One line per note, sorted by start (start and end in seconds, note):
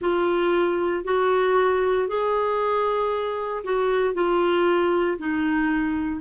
0.00 1.04 F4
1.04 2.07 F#4
2.08 3.63 G#4
3.64 4.14 F#4
4.14 5.17 F4
5.18 6.20 D#4